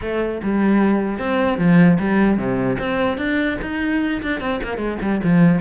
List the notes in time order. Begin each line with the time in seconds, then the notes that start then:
0.01 A3
0.42 G3
1.19 C4
1.58 F3
1.99 G3
2.37 C3
2.78 C4
3.17 D4
3.61 D#4
4.22 D4
4.40 C4
4.63 A#3
4.77 G#3
5.01 G3
5.23 F3